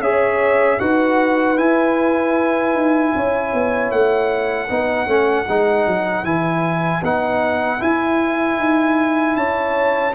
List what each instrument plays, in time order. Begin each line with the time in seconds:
0.00 tuba C#4, trombone G#4, horn C#5, trumpet E5
0.79 tuba D#4, trombone F#4, horn B4, trumpet F#5
1.57 trombone E4, tuba E4, trumpet G#5
2.74 tuba D#4
3.15 tuba C#4, horn C#5
3.53 tuba B3
3.91 tuba A3, trumpet F#5
4.70 tuba B3, trombone D#4, horn B4
5.07 tuba A3, trombone C#4
5.48 tuba G#3, trombone D#4
5.87 tuba F#3
6.23 tuba E3, trombone E4, trumpet G#5
7.02 tuba B3, trombone D#4, trumpet F#5
7.79 trombone E4, tuba E4, trumpet G#5
8.58 tuba D#4
9.36 tuba C#4, horn C#5, trumpet A5